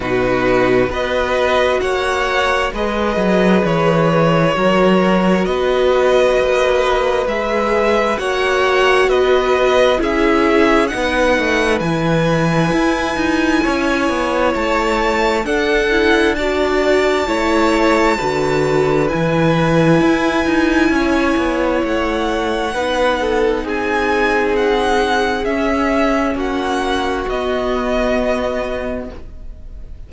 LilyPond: <<
  \new Staff \with { instrumentName = "violin" } { \time 4/4 \tempo 4 = 66 b'4 dis''4 fis''4 dis''4 | cis''2 dis''2 | e''4 fis''4 dis''4 e''4 | fis''4 gis''2. |
a''4 fis''4 a''2~ | a''4 gis''2. | fis''2 gis''4 fis''4 | e''4 fis''4 dis''2 | }
  \new Staff \with { instrumentName = "violin" } { \time 4/4 fis'4 b'4 cis''4 b'4~ | b'4 ais'4 b'2~ | b'4 cis''4 b'4 gis'4 | b'2. cis''4~ |
cis''4 a'4 d''4 cis''4 | b'2. cis''4~ | cis''4 b'8 a'8 gis'2~ | gis'4 fis'2. | }
  \new Staff \with { instrumentName = "viola" } { \time 4/4 dis'4 fis'2 gis'4~ | gis'4 fis'2. | gis'4 fis'2 e'4 | dis'4 e'2.~ |
e'4 d'8 e'8 fis'4 e'4 | fis'4 e'2.~ | e'4 dis'2. | cis'2 b2 | }
  \new Staff \with { instrumentName = "cello" } { \time 4/4 b,4 b4 ais4 gis8 fis8 | e4 fis4 b4 ais4 | gis4 ais4 b4 cis'4 | b8 a8 e4 e'8 dis'8 cis'8 b8 |
a4 d'2 a4 | d4 e4 e'8 dis'8 cis'8 b8 | a4 b4 c'2 | cis'4 ais4 b2 | }
>>